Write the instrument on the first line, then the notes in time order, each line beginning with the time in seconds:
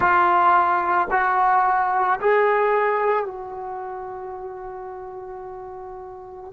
trombone
0.00 F4
1.10 F#4
2.20 G#4
3.25 F#4